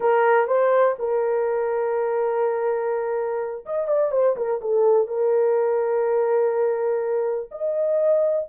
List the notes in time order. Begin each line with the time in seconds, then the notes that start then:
0.00 A#4
0.47 C5
0.99 A#4
3.65 D#5
3.87 D5
4.11 C5
4.36 A#4
4.61 A4
5.07 A#4
7.51 D#5